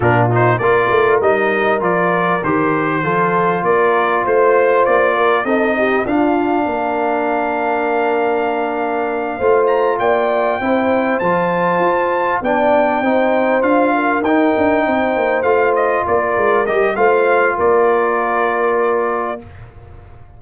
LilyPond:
<<
  \new Staff \with { instrumentName = "trumpet" } { \time 4/4 \tempo 4 = 99 ais'8 c''8 d''4 dis''4 d''4 | c''2 d''4 c''4 | d''4 dis''4 f''2~ | f''1 |
ais''8 g''2 a''4.~ | a''8 g''2 f''4 g''8~ | g''4. f''8 dis''8 d''4 dis''8 | f''4 d''2. | }
  \new Staff \with { instrumentName = "horn" } { \time 4/4 f'4 ais'2.~ | ais'4 a'4 ais'4 c''4~ | c''8 ais'8 a'8 g'8 f'4 ais'4~ | ais'2.~ ais'8 c''8~ |
c''8 d''4 c''2~ c''8~ | c''8 d''4 c''4. ais'4~ | ais'8 c''2 ais'4. | c''4 ais'2. | }
  \new Staff \with { instrumentName = "trombone" } { \time 4/4 d'8 dis'8 f'4 dis'4 f'4 | g'4 f'2.~ | f'4 dis'4 d'2~ | d'2.~ d'8 f'8~ |
f'4. e'4 f'4.~ | f'8 d'4 dis'4 f'4 dis'8~ | dis'4. f'2 g'8 | f'1 | }
  \new Staff \with { instrumentName = "tuba" } { \time 4/4 ais,4 ais8 a8 g4 f4 | dis4 f4 ais4 a4 | ais4 c'4 d'4 ais4~ | ais2.~ ais8 a8~ |
a8 ais4 c'4 f4 f'8~ | f'8 b4 c'4 d'4 dis'8 | d'8 c'8 ais8 a4 ais8 gis8 g8 | a4 ais2. | }
>>